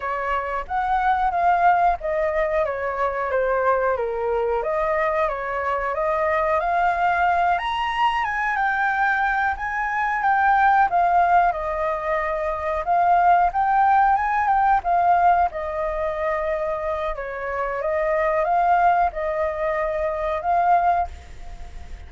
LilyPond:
\new Staff \with { instrumentName = "flute" } { \time 4/4 \tempo 4 = 91 cis''4 fis''4 f''4 dis''4 | cis''4 c''4 ais'4 dis''4 | cis''4 dis''4 f''4. ais''8~ | ais''8 gis''8 g''4. gis''4 g''8~ |
g''8 f''4 dis''2 f''8~ | f''8 g''4 gis''8 g''8 f''4 dis''8~ | dis''2 cis''4 dis''4 | f''4 dis''2 f''4 | }